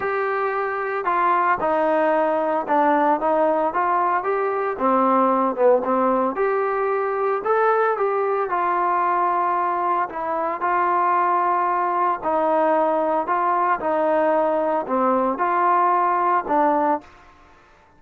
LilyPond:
\new Staff \with { instrumentName = "trombone" } { \time 4/4 \tempo 4 = 113 g'2 f'4 dis'4~ | dis'4 d'4 dis'4 f'4 | g'4 c'4. b8 c'4 | g'2 a'4 g'4 |
f'2. e'4 | f'2. dis'4~ | dis'4 f'4 dis'2 | c'4 f'2 d'4 | }